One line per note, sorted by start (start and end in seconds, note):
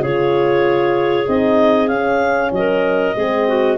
0.00 1.25 C#3
0.00 1.28 F4
0.00 2.52 G#4
0.00 1.28 C#5
1.28 1.89 C4
1.28 1.90 D#4
1.28 1.89 D#5
1.89 2.51 C#4
1.89 3.16 C#4
1.89 2.51 F5
2.52 3.15 F#3
2.52 3.17 A#4
2.52 3.78 D#5
3.16 3.78 G#3
3.16 3.78 C4
3.16 3.48 G#4
3.48 3.78 F#4